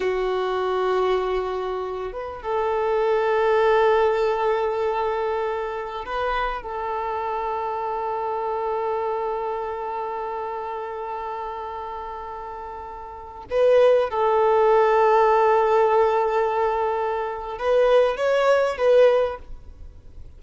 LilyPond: \new Staff \with { instrumentName = "violin" } { \time 4/4 \tempo 4 = 99 fis'2.~ fis'8 b'8 | a'1~ | a'2 b'4 a'4~ | a'1~ |
a'1~ | a'2~ a'16 b'4 a'8.~ | a'1~ | a'4 b'4 cis''4 b'4 | }